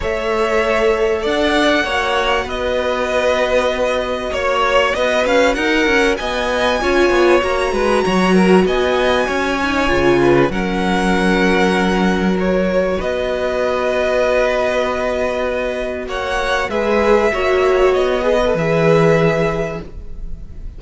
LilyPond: <<
  \new Staff \with { instrumentName = "violin" } { \time 4/4 \tempo 4 = 97 e''2 fis''2 | dis''2. cis''4 | dis''8 f''8 fis''4 gis''2 | ais''2 gis''2~ |
gis''4 fis''2. | cis''4 dis''2.~ | dis''2 fis''4 e''4~ | e''4 dis''4 e''2 | }
  \new Staff \with { instrumentName = "violin" } { \time 4/4 cis''2 d''4 cis''4 | b'2. cis''4 | b'4 ais'4 dis''4 cis''4~ | cis''8 b'8 cis''8 ais'8 dis''4 cis''4~ |
cis''8 b'8 ais'2.~ | ais'4 b'2.~ | b'2 cis''4 b'4 | cis''4. b'2~ b'8 | }
  \new Staff \with { instrumentName = "viola" } { \time 4/4 a'2. fis'4~ | fis'1~ | fis'2. f'4 | fis'2.~ fis'8 dis'8 |
f'4 cis'2. | fis'1~ | fis'2. gis'4 | fis'4. gis'16 a'16 gis'2 | }
  \new Staff \with { instrumentName = "cello" } { \time 4/4 a2 d'4 ais4 | b2. ais4 | b8 cis'8 dis'8 cis'8 b4 cis'8 b8 | ais8 gis8 fis4 b4 cis'4 |
cis4 fis2.~ | fis4 b2.~ | b2 ais4 gis4 | ais4 b4 e2 | }
>>